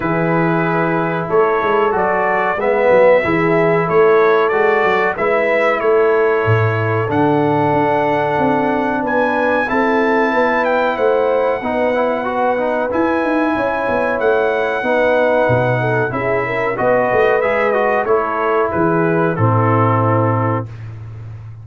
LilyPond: <<
  \new Staff \with { instrumentName = "trumpet" } { \time 4/4 \tempo 4 = 93 b'2 cis''4 d''4 | e''2 cis''4 d''4 | e''4 cis''2 fis''4~ | fis''2 gis''4 a''4~ |
a''8 g''8 fis''2. | gis''2 fis''2~ | fis''4 e''4 dis''4 e''8 dis''8 | cis''4 b'4 a'2 | }
  \new Staff \with { instrumentName = "horn" } { \time 4/4 gis'2 a'2 | b'4 gis'4 a'2 | b'4 a'2.~ | a'2 b'4 a'4 |
b'4 c''4 b'2~ | b'4 cis''2 b'4~ | b'8 a'8 gis'8 ais'8 b'2 | a'4 gis'4 e'2 | }
  \new Staff \with { instrumentName = "trombone" } { \time 4/4 e'2. fis'4 | b4 e'2 fis'4 | e'2. d'4~ | d'2. e'4~ |
e'2 dis'8 e'8 fis'8 dis'8 | e'2. dis'4~ | dis'4 e'4 fis'4 gis'8 fis'8 | e'2 c'2 | }
  \new Staff \with { instrumentName = "tuba" } { \time 4/4 e2 a8 gis8 fis4 | gis8 fis8 e4 a4 gis8 fis8 | gis4 a4 a,4 d4 | d'4 c'4 b4 c'4 |
b4 a4 b2 | e'8 dis'8 cis'8 b8 a4 b4 | b,4 cis'4 b8 a8 gis4 | a4 e4 a,2 | }
>>